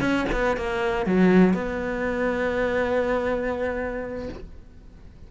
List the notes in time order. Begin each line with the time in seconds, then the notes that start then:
0.00 C#4
0.32 B3
0.56 A#3
1.05 F#3
1.53 B3